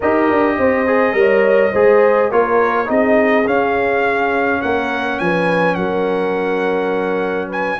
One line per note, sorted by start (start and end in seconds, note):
0.00 0.30 D#4
0.00 0.87 G4
0.00 0.56 A#4
0.00 2.31 D#5
0.30 0.58 D4
0.58 1.13 C4
0.58 1.16 C5
0.87 1.13 G#4
1.13 1.71 G3
1.13 1.71 A#4
1.13 1.72 C#5
1.72 2.31 G#3
1.72 2.31 G#4
1.72 2.29 C5
2.29 2.89 A#3
2.29 2.86 F4
2.29 2.87 A#4
2.29 2.89 C#5
2.86 3.46 C4
2.86 3.43 D#4
2.86 4.61 G#4
2.86 3.47 D#5
3.46 4.61 C#4
3.46 7.79 C#4
3.46 4.61 F5
4.61 5.20 A#3
4.61 5.19 A#4
4.61 5.19 F#5
5.19 5.76 F3
5.19 5.76 B4
5.19 5.74 G#5
5.74 7.78 F#3
5.74 7.48 A#4
5.74 7.47 F#5
7.48 7.77 B4
7.48 7.80 G#5